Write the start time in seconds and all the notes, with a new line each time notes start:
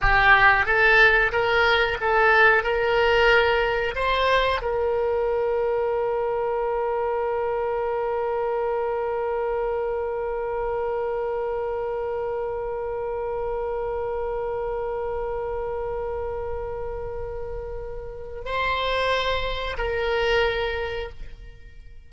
0.01 G4
0.65 A4
1.32 A#4
2.00 A4
2.63 A#4
3.95 C5
4.61 A#4
18.45 C5
19.77 A#4